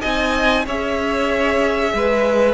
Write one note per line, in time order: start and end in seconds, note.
0.00 0.66 C4
0.00 0.64 D#4
0.00 0.65 D#5
0.00 0.65 G#5
0.65 1.93 C#4
0.65 2.54 G#4
0.65 1.93 C#5
0.65 2.54 E5
1.93 2.54 G#3
1.93 2.54 B4